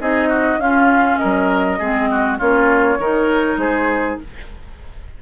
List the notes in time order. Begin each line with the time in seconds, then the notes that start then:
0.00 C4 D#4 G#4 D#5
0.29 F#4
0.58 C#4 F4 F5
1.18 A#4 D#5
1.24 F#3
1.79 G#3 C4 G#4
2.12 F#4
2.39 A#3 C#4 F4 C#5
2.99 D#3 D#4 A#4
3.57 G#3 G#4 C5